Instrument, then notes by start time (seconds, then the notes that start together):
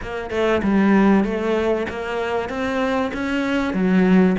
cello
0.02 A#3
0.30 A3
0.62 G3
1.24 A3
1.89 A#3
2.49 C4
3.13 C#4
3.73 F#3